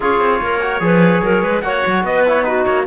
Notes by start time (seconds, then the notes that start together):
0.00 C#4 F4 G#4 C#5
0.20 C4
0.41 A#3 A#4
0.61 F#4
0.80 F3 G#4 B4
1.22 F#3 A#4
1.42 G#3 B4
1.61 A#3 F#4 C#5 F#5
1.86 F#3
2.03 B3 B4 D#5
2.26 E4 C#5
2.44 D#4 F#4 B4
2.65 A#3 C#5